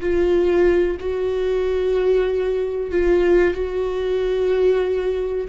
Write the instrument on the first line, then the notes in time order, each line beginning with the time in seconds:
viola
0.00 F4
0.99 F#4
2.91 F4
3.54 F#4